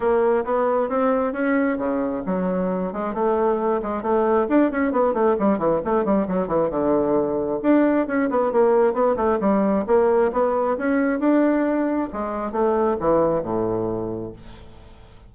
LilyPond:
\new Staff \with { instrumentName = "bassoon" } { \time 4/4 \tempo 4 = 134 ais4 b4 c'4 cis'4 | cis4 fis4. gis8 a4~ | a8 gis8 a4 d'8 cis'8 b8 a8 | g8 e8 a8 g8 fis8 e8 d4~ |
d4 d'4 cis'8 b8 ais4 | b8 a8 g4 ais4 b4 | cis'4 d'2 gis4 | a4 e4 a,2 | }